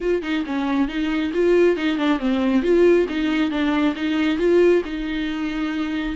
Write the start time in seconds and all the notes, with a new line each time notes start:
0.01 F4
0.22 D#4
0.45 C#4
0.88 D#4
1.33 F4
1.76 D#4
1.97 D4
2.19 C4
2.62 F4
3.09 D#4
3.50 D4
3.95 D#4
4.38 F4
4.85 D#4